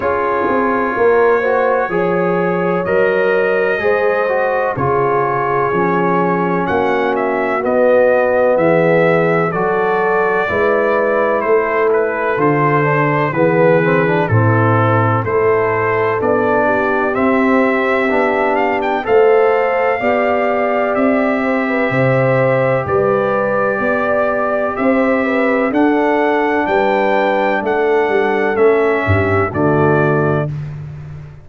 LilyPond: <<
  \new Staff \with { instrumentName = "trumpet" } { \time 4/4 \tempo 4 = 63 cis''2. dis''4~ | dis''4 cis''2 fis''8 e''8 | dis''4 e''4 d''2 | c''8 b'8 c''4 b'4 a'4 |
c''4 d''4 e''4. f''16 g''16 | f''2 e''2 | d''2 e''4 fis''4 | g''4 fis''4 e''4 d''4 | }
  \new Staff \with { instrumentName = "horn" } { \time 4/4 gis'4 ais'8 c''8 cis''2 | c''4 gis'2 fis'4~ | fis'4 gis'4 a'4 b'4 | a'2 gis'4 e'4 |
a'4. g'2~ g'8 | c''4 d''4. c''16 b'16 c''4 | b'4 d''4 c''8 b'8 a'4 | b'4 a'4. g'8 fis'4 | }
  \new Staff \with { instrumentName = "trombone" } { \time 4/4 f'4. fis'8 gis'4 ais'4 | gis'8 fis'8 f'4 cis'2 | b2 fis'4 e'4~ | e'4 f'8 d'8 b8 c'16 d'16 c'4 |
e'4 d'4 c'4 d'4 | a'4 g'2.~ | g'2. d'4~ | d'2 cis'4 a4 | }
  \new Staff \with { instrumentName = "tuba" } { \time 4/4 cis'8 c'8 ais4 f4 fis4 | gis4 cis4 f4 ais4 | b4 e4 fis4 gis4 | a4 d4 e4 a,4 |
a4 b4 c'4 b4 | a4 b4 c'4 c4 | g4 b4 c'4 d'4 | g4 a8 g8 a8 g,8 d4 | }
>>